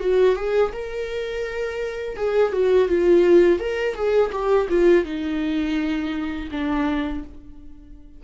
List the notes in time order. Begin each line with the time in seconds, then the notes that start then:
0.00 F#4
0.36 G#4
0.73 A#4
2.17 G#4
2.53 F#4
2.88 F4
3.60 A#4
3.95 G#4
4.32 G4
4.70 F4
5.05 D#4
6.52 D4